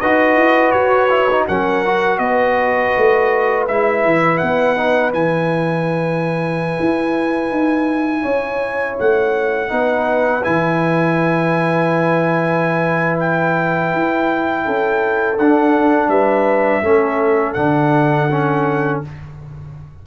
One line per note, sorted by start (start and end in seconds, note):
0.00 0.36 D#4
0.00 1.10 F#4
0.00 1.46 B4
0.00 0.72 D#5
0.36 0.73 E4
0.72 1.46 F#4
0.72 1.45 C#5
1.10 1.28 E4
1.31 1.49 D#4
1.48 2.19 F#3
1.48 1.86 C#4
1.48 2.21 A#4
1.48 2.19 F#5
1.86 3.69 F#4
2.19 2.92 B3
2.19 8.23 B4
2.19 3.65 D#5
2.98 3.70 A3
3.68 4.05 G#3
3.68 4.77 E4
3.68 4.38 E5
4.05 4.42 E3
4.38 5.13 B3
4.38 5.11 F#5
4.77 5.12 D#4
5.12 6.78 E3
5.12 9.69 E4
5.12 8.98 G#5
6.80 7.51 E4
7.51 8.24 D#4
8.23 8.98 C#4
8.23 9.69 C#5
9.00 9.71 A3
9.00 10.44 F#5
9.69 10.45 B3
9.69 10.42 D#4
9.69 14.65 B4
10.44 13.93 E3
10.44 15.38 E4
10.44 13.18 G#5
13.20 15.39 G5
13.93 14.67 E4
14.65 15.38 C#4
14.65 16.10 A4
15.38 16.08 D4
15.38 16.84 D4
15.38 16.09 F#5
16.08 16.82 G3
16.08 16.83 B4
16.08 17.54 E5
16.82 17.56 A3
16.82 17.56 C#4
16.82 19.07 A4
17.54 19.03 D3
17.54 18.29 D4
17.54 19.00 F#5
18.32 19.05 C#4